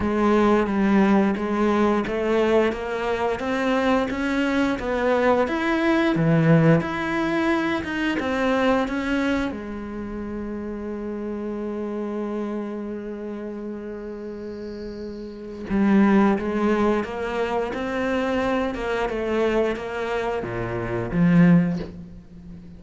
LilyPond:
\new Staff \with { instrumentName = "cello" } { \time 4/4 \tempo 4 = 88 gis4 g4 gis4 a4 | ais4 c'4 cis'4 b4 | e'4 e4 e'4. dis'8 | c'4 cis'4 gis2~ |
gis1~ | gis2. g4 | gis4 ais4 c'4. ais8 | a4 ais4 ais,4 f4 | }